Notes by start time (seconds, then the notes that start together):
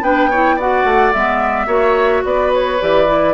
0.00 B3 D4 B4 G5
0.30 E4 C#5
0.56 F#4 D5 F#5
0.84 A3
1.12 G#3 B3 E5
1.67 A#3 F#4 C#5
2.24 B3 B4 D5
2.54 C#5
2.80 E3 G4 D5
3.06 E4